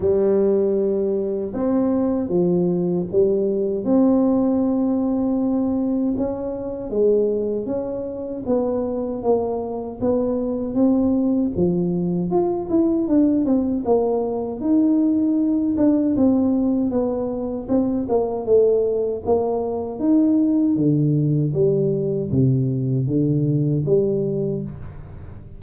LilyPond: \new Staff \with { instrumentName = "tuba" } { \time 4/4 \tempo 4 = 78 g2 c'4 f4 | g4 c'2. | cis'4 gis4 cis'4 b4 | ais4 b4 c'4 f4 |
f'8 e'8 d'8 c'8 ais4 dis'4~ | dis'8 d'8 c'4 b4 c'8 ais8 | a4 ais4 dis'4 d4 | g4 c4 d4 g4 | }